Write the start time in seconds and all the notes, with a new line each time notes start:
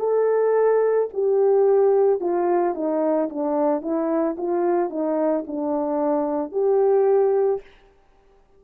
0.00 A4
1.14 G4
2.21 F4
2.75 D#4
3.30 D4
3.82 E4
4.37 F4
4.90 D#4
5.47 D4
6.52 G4